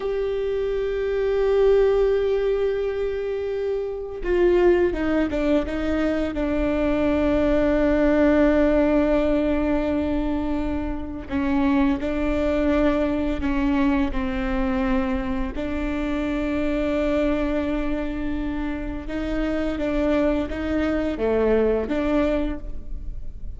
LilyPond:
\new Staff \with { instrumentName = "viola" } { \time 4/4 \tempo 4 = 85 g'1~ | g'2 f'4 dis'8 d'8 | dis'4 d'2.~ | d'1 |
cis'4 d'2 cis'4 | c'2 d'2~ | d'2. dis'4 | d'4 dis'4 a4 d'4 | }